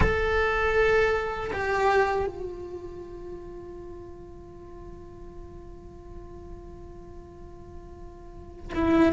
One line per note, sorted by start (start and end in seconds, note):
0.00 1.51 A4
1.53 2.26 G4
2.26 8.72 F4
8.74 9.12 E4